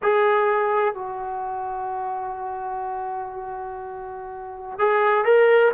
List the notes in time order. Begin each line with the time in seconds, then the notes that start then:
0.02 G#4
0.94 F#4
4.78 G#4
5.24 A#4